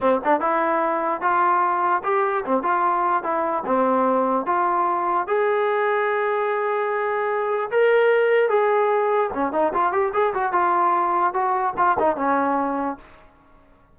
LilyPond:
\new Staff \with { instrumentName = "trombone" } { \time 4/4 \tempo 4 = 148 c'8 d'8 e'2 f'4~ | f'4 g'4 c'8 f'4. | e'4 c'2 f'4~ | f'4 gis'2.~ |
gis'2. ais'4~ | ais'4 gis'2 cis'8 dis'8 | f'8 g'8 gis'8 fis'8 f'2 | fis'4 f'8 dis'8 cis'2 | }